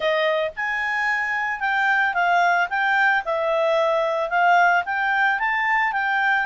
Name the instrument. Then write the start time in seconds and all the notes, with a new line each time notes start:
clarinet
0.00 D#5
0.56 G#5
1.59 G5
2.14 F5
2.69 G5
3.25 E5
4.29 F5
4.85 G5
5.39 A5
5.92 G5